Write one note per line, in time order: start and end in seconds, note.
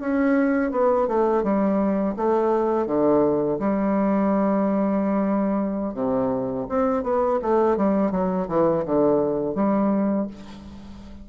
0.00 0.72 C#4
0.72 1.08 B3
1.08 1.43 A3
1.43 2.16 G3
2.17 2.87 A3
2.87 3.59 D3
3.59 5.94 G3
5.94 6.66 C3
6.69 7.04 C4
7.04 7.40 B3
7.42 7.77 A3
7.77 8.11 G3
8.11 8.47 F#3
8.48 8.85 E3
8.85 9.55 D3
9.55 10.27 G3